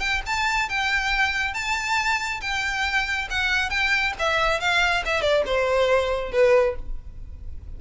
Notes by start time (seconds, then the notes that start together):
0.00 G5
0.26 A5
0.69 G5
1.54 A5
2.41 G5
3.30 F#5
3.70 G5
4.19 E5
4.60 F5
5.05 E5
5.22 D5
5.46 C5
6.32 B4